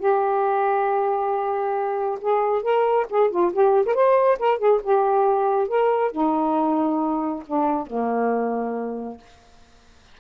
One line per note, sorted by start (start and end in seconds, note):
0.00 2.19 G4
2.22 2.63 G#4
2.63 3.07 A#4
3.10 3.31 G#4
3.31 3.53 F4
3.53 3.86 G4
3.86 3.95 A#4
3.95 4.39 C5
4.40 4.59 A#4
4.59 4.81 G#4
4.84 5.69 G4
5.69 6.12 A#4
6.12 7.44 D#4
7.47 7.87 D4
7.87 9.19 A#3